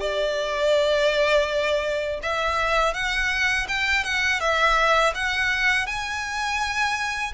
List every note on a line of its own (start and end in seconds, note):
0.00 2.20 D5
2.22 2.93 E5
2.93 3.67 F#5
3.68 4.04 G5
4.04 4.40 F#5
4.40 5.13 E5
5.14 5.86 F#5
5.86 7.32 G#5